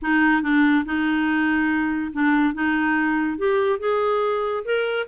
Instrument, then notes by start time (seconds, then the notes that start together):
clarinet
0.02 D#4
0.42 D4
0.85 D#4
2.12 D4
2.54 D#4
3.38 G4
3.79 G#4
4.64 A#4